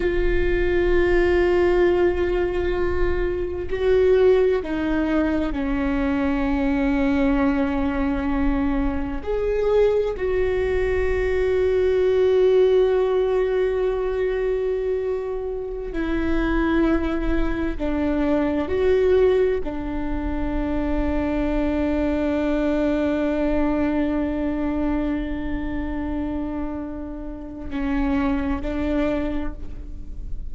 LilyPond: \new Staff \with { instrumentName = "viola" } { \time 4/4 \tempo 4 = 65 f'1 | fis'4 dis'4 cis'2~ | cis'2 gis'4 fis'4~ | fis'1~ |
fis'4~ fis'16 e'2 d'8.~ | d'16 fis'4 d'2~ d'8.~ | d'1~ | d'2 cis'4 d'4 | }